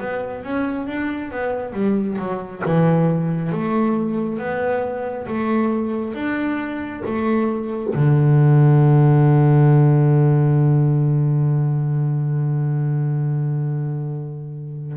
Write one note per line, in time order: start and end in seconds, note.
0.00 0.44 B3
0.44 0.87 C#4
0.87 1.31 D4
1.31 1.73 B3
1.73 2.17 G3
2.19 2.63 F#3
2.66 3.53 E3
3.53 4.39 A3
4.39 5.27 B3
5.27 6.14 A3
6.14 7.03 D4
7.06 7.94 A3
7.95 14.98 D3